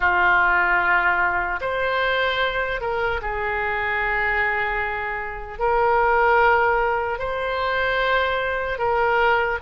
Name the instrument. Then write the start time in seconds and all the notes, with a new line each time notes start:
oboe
0.00 F4
1.60 C5
2.80 A#4
3.21 G#4
5.58 A#4
7.19 C5
8.78 A#4